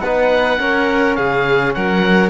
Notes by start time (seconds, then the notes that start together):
0.00 B3 D#4 B4 F#5
0.58 C#4 A#4
1.15 C#3 G#4 F5
1.74 F#3 A#4 F#5